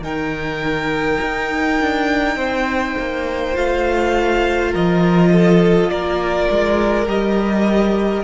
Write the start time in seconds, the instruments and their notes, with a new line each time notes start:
0.00 cello D#3, viola D#4, violin A#4 G5
1.20 cello D#4
1.80 cello D4
2.35 cello C4, violin C5
2.99 cello A#3
3.53 cello A3, viola F4, violin F5
4.71 cello F3, violin A#4 D#5
5.32 violin A4
5.89 cello A#3, violin A#4 D5
6.50 cello G#3
7.06 cello G3, viola G4, violin D#5